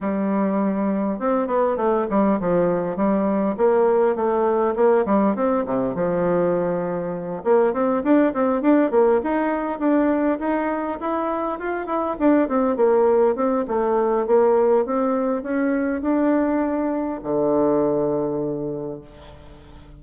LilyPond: \new Staff \with { instrumentName = "bassoon" } { \time 4/4 \tempo 4 = 101 g2 c'8 b8 a8 g8 | f4 g4 ais4 a4 | ais8 g8 c'8 c8 f2~ | f8 ais8 c'8 d'8 c'8 d'8 ais8 dis'8~ |
dis'8 d'4 dis'4 e'4 f'8 | e'8 d'8 c'8 ais4 c'8 a4 | ais4 c'4 cis'4 d'4~ | d'4 d2. | }